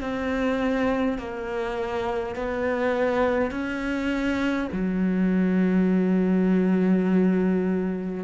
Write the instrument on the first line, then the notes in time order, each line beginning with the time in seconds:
cello
0.00 C4
1.18 A#3
2.35 B3
3.51 C#4
4.72 F#3